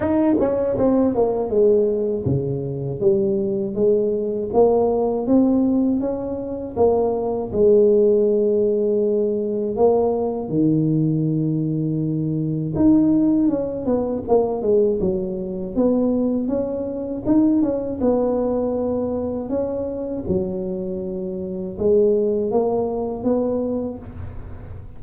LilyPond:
\new Staff \with { instrumentName = "tuba" } { \time 4/4 \tempo 4 = 80 dis'8 cis'8 c'8 ais8 gis4 cis4 | g4 gis4 ais4 c'4 | cis'4 ais4 gis2~ | gis4 ais4 dis2~ |
dis4 dis'4 cis'8 b8 ais8 gis8 | fis4 b4 cis'4 dis'8 cis'8 | b2 cis'4 fis4~ | fis4 gis4 ais4 b4 | }